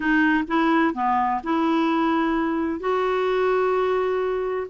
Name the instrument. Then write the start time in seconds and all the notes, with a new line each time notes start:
clarinet
0.00 D#4
0.47 E4
0.94 B3
1.43 E4
2.80 F#4